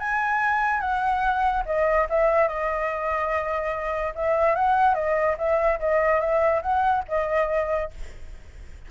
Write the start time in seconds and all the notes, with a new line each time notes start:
0.00 G#5
0.81 F#5
1.66 D#5
2.10 E5
2.48 D#5
4.15 E5
4.56 F#5
4.95 D#5
5.38 E5
5.80 D#5
6.20 E5
6.62 F#5
7.08 D#5